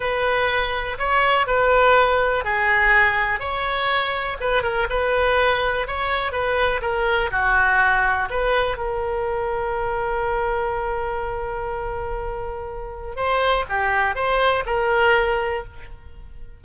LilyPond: \new Staff \with { instrumentName = "oboe" } { \time 4/4 \tempo 4 = 123 b'2 cis''4 b'4~ | b'4 gis'2 cis''4~ | cis''4 b'8 ais'8 b'2 | cis''4 b'4 ais'4 fis'4~ |
fis'4 b'4 ais'2~ | ais'1~ | ais'2. c''4 | g'4 c''4 ais'2 | }